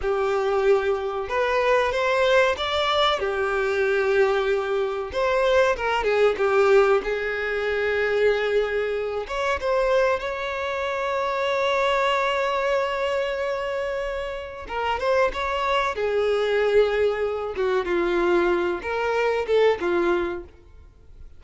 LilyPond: \new Staff \with { instrumentName = "violin" } { \time 4/4 \tempo 4 = 94 g'2 b'4 c''4 | d''4 g'2. | c''4 ais'8 gis'8 g'4 gis'4~ | gis'2~ gis'8 cis''8 c''4 |
cis''1~ | cis''2. ais'8 c''8 | cis''4 gis'2~ gis'8 fis'8 | f'4. ais'4 a'8 f'4 | }